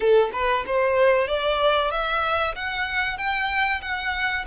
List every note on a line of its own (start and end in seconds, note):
0.00 0.30 A4
0.32 0.64 B4
0.66 1.27 C5
1.27 1.90 D5
1.90 2.54 E5
2.55 3.17 F#5
3.17 3.81 G5
3.81 4.45 F#5